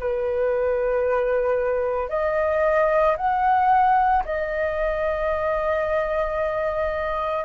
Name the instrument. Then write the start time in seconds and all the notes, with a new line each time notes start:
flute
0.00 B4
2.09 D#5
3.17 F#5
4.25 D#5